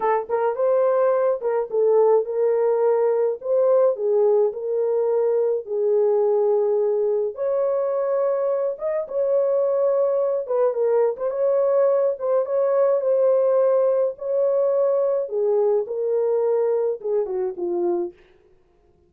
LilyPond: \new Staff \with { instrumentName = "horn" } { \time 4/4 \tempo 4 = 106 a'8 ais'8 c''4. ais'8 a'4 | ais'2 c''4 gis'4 | ais'2 gis'2~ | gis'4 cis''2~ cis''8 dis''8 |
cis''2~ cis''8 b'8 ais'8. c''16 | cis''4. c''8 cis''4 c''4~ | c''4 cis''2 gis'4 | ais'2 gis'8 fis'8 f'4 | }